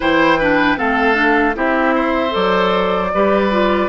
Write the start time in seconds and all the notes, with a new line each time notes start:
0.00 E3 E4 C5 G5
0.39 D4 B4
0.76 A3 C4 A4 F5
1.13 D4
1.54 C4 E4 G4 E5
1.94 C5
2.29 F#3 A4 D5
3.14 G3 G4 B4
3.50 F4